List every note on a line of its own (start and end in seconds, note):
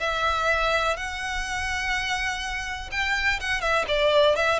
0.00 0.97 E5
0.97 2.90 F#5
2.91 3.40 G5
3.40 3.61 F#5
3.61 3.85 E5
3.88 4.36 D5
4.36 4.59 E5